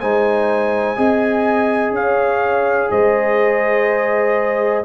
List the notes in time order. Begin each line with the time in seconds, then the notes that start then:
0.00 G#3 D#4 C5 G#5
0.96 C4 G#4 D#5
1.91 C#4 C#5 F5
2.91 G#3 C5 D#5